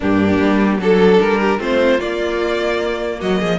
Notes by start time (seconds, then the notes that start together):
0.00 G2 A#3 D4 G4
0.39 G3
0.79 F#3 D4 A4
1.20 G3 A#4
1.40 G4
1.58 A3 C4 F4 C5
1.99 A#3 D5
3.19 F#3 F#4 D#5
3.39 F3 G#4